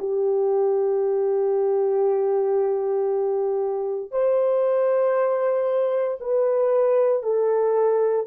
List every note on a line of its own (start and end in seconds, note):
0.00 4.12 G4
4.12 6.19 C5
6.21 7.23 B4
7.23 8.27 A4